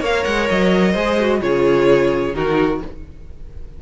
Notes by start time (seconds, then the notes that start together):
0.00 A#3 A#4 C#5 F5
0.25 G#3 F#5
0.50 F#3 D#5
0.93 G#3 G#4 C5
1.20 F#4
1.41 C#3 F4 G#4 C#5
2.34 D#3 D#4 F#4 A#4